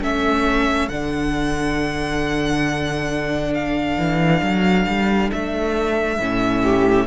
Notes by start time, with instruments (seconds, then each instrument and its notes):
0.00 cello A3, viola C#4, violin A4 E5
0.89 cello D3, viola D4, violin F#5
3.55 violin F5
3.98 cello E3
4.43 cello F#3
4.87 cello G3
5.32 cello A3, violin E5
6.20 cello A2, viola C#4
6.64 violin G4